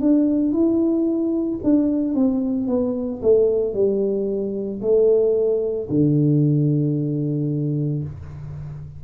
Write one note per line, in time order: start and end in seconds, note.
0.00 0.52 D4
0.52 1.59 E4
1.63 2.14 D4
2.14 2.67 C4
2.67 3.20 B3
3.22 3.74 A3
3.74 4.81 G3
4.81 5.88 A3
5.89 8.03 D3